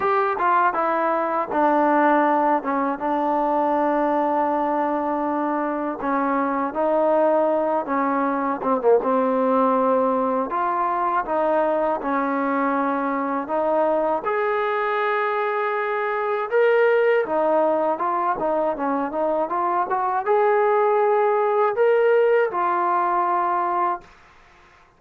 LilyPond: \new Staff \with { instrumentName = "trombone" } { \time 4/4 \tempo 4 = 80 g'8 f'8 e'4 d'4. cis'8 | d'1 | cis'4 dis'4. cis'4 c'16 ais16 | c'2 f'4 dis'4 |
cis'2 dis'4 gis'4~ | gis'2 ais'4 dis'4 | f'8 dis'8 cis'8 dis'8 f'8 fis'8 gis'4~ | gis'4 ais'4 f'2 | }